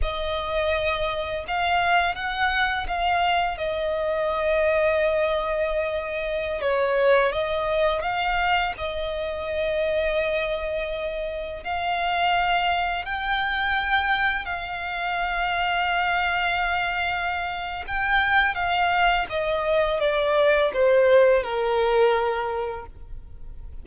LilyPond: \new Staff \with { instrumentName = "violin" } { \time 4/4 \tempo 4 = 84 dis''2 f''4 fis''4 | f''4 dis''2.~ | dis''4~ dis''16 cis''4 dis''4 f''8.~ | f''16 dis''2.~ dis''8.~ |
dis''16 f''2 g''4.~ g''16~ | g''16 f''2.~ f''8.~ | f''4 g''4 f''4 dis''4 | d''4 c''4 ais'2 | }